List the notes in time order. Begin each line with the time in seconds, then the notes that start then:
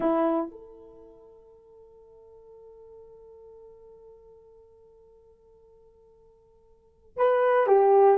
0.00 E4
0.51 A4
7.16 B4
7.67 G4